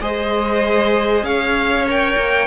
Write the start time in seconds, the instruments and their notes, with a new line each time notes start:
0.00 cello G#3, viola G#4, violin C5 D#5
1.22 cello C#4, violin C#5 F5
1.86 viola A#4, violin G5
2.17 cello A#3